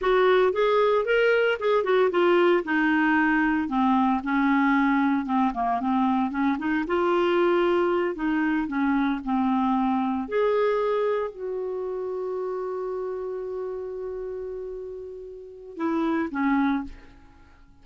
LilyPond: \new Staff \with { instrumentName = "clarinet" } { \time 4/4 \tempo 4 = 114 fis'4 gis'4 ais'4 gis'8 fis'8 | f'4 dis'2 c'4 | cis'2 c'8 ais8 c'4 | cis'8 dis'8 f'2~ f'8 dis'8~ |
dis'8 cis'4 c'2 gis'8~ | gis'4. fis'2~ fis'8~ | fis'1~ | fis'2 e'4 cis'4 | }